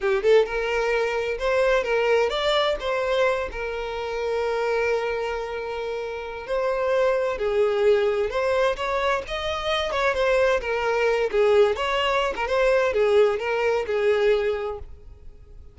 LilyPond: \new Staff \with { instrumentName = "violin" } { \time 4/4 \tempo 4 = 130 g'8 a'8 ais'2 c''4 | ais'4 d''4 c''4. ais'8~ | ais'1~ | ais'2 c''2 |
gis'2 c''4 cis''4 | dis''4. cis''8 c''4 ais'4~ | ais'8 gis'4 cis''4~ cis''16 ais'16 c''4 | gis'4 ais'4 gis'2 | }